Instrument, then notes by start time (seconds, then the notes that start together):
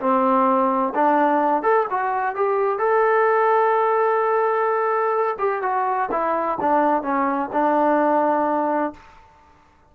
trombone
0.00 C4
0.95 D4
1.63 A4
1.90 F#4
2.36 G4
2.79 A4
5.39 G4
5.63 F#4
6.12 E4
6.61 D4
7.03 C#4
7.53 D4